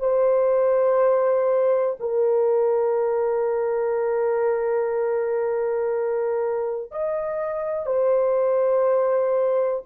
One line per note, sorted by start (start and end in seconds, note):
0.00 1.97 C5
2.00 6.92 A#4
6.92 7.86 D#5
7.86 9.84 C5